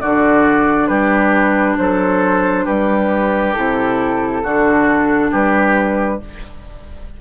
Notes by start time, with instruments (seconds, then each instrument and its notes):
0.00 bassoon D3, clarinet D4, oboe F#4, flute D5
0.87 bassoon G3, oboe G4, flute B4
1.77 bassoon F#3, oboe A4, flute C5
2.65 bassoon G3, oboe G4, flute B4
3.53 bassoon C3, clarinet E4, flute A4
4.43 bassoon D3, clarinet D4, oboe F#4
5.31 bassoon G3, oboe G4, flute B4